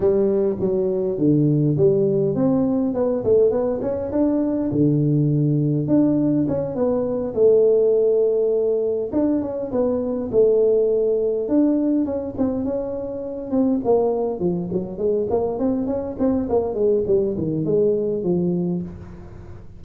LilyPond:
\new Staff \with { instrumentName = "tuba" } { \time 4/4 \tempo 4 = 102 g4 fis4 d4 g4 | c'4 b8 a8 b8 cis'8 d'4 | d2 d'4 cis'8 b8~ | b8 a2. d'8 |
cis'8 b4 a2 d'8~ | d'8 cis'8 c'8 cis'4. c'8 ais8~ | ais8 f8 fis8 gis8 ais8 c'8 cis'8 c'8 | ais8 gis8 g8 dis8 gis4 f4 | }